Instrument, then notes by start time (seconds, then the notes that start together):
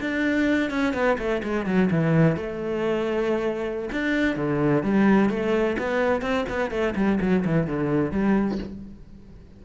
cello
0.00 D4
0.70 C#4
0.93 B3
1.18 A3
1.43 G#3
1.66 F#3
1.90 E3
2.36 A3
3.92 D4
4.36 D3
4.83 G3
5.29 A3
5.78 B3
6.21 C4
6.49 B3
6.70 A3
6.95 G3
7.20 F#3
7.45 E3
7.66 D3
8.11 G3